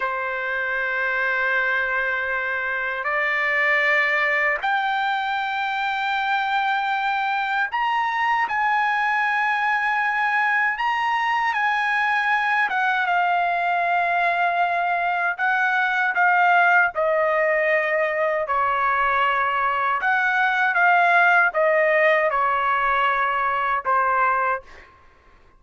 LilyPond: \new Staff \with { instrumentName = "trumpet" } { \time 4/4 \tempo 4 = 78 c''1 | d''2 g''2~ | g''2 ais''4 gis''4~ | gis''2 ais''4 gis''4~ |
gis''8 fis''8 f''2. | fis''4 f''4 dis''2 | cis''2 fis''4 f''4 | dis''4 cis''2 c''4 | }